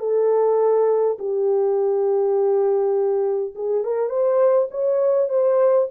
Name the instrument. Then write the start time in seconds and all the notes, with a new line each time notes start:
horn
0.00 A4
1.19 G4
3.56 G#4
3.84 A#4
4.09 C5
4.71 C#5
5.29 C5